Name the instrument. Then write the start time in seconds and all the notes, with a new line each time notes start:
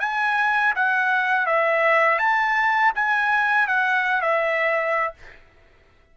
trumpet
0.00 G#5
0.75 F#5
1.46 E5
2.19 A5
2.95 G#5
3.67 F#5
4.22 E5